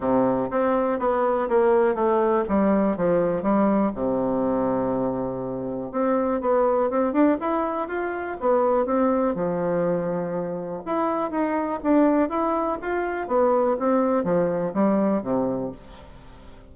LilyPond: \new Staff \with { instrumentName = "bassoon" } { \time 4/4 \tempo 4 = 122 c4 c'4 b4 ais4 | a4 g4 f4 g4 | c1 | c'4 b4 c'8 d'8 e'4 |
f'4 b4 c'4 f4~ | f2 e'4 dis'4 | d'4 e'4 f'4 b4 | c'4 f4 g4 c4 | }